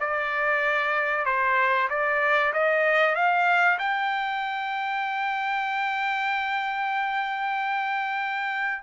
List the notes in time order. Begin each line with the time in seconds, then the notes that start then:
0.00 D5
1.25 C5
1.89 D5
2.53 D#5
3.15 F5
3.79 G5